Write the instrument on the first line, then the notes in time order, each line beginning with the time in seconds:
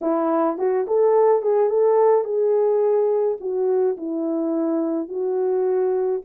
horn
0.01 E4
0.57 F#4
0.87 A4
1.42 G#4
1.69 A4
2.24 G#4
3.40 F#4
3.97 E4
5.08 F#4